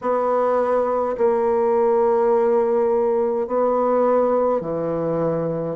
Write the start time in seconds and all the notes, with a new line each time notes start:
0.01 B3
1.17 A#3
3.47 B3
4.60 E3